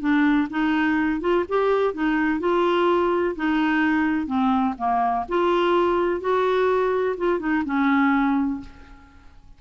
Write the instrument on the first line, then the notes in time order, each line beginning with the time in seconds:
clarinet
0.00 D4
0.50 D#4
1.21 F4
1.48 G4
1.94 D#4
2.40 F4
3.35 D#4
4.26 C4
4.78 A#3
5.29 F4
6.20 F#4
7.18 F4
7.39 D#4
7.65 C#4